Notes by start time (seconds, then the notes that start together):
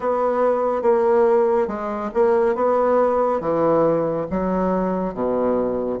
0.00 B3
0.81 A#3
1.67 G#3
2.14 A#3
2.55 B3
3.40 E3
4.30 F#3
5.14 B2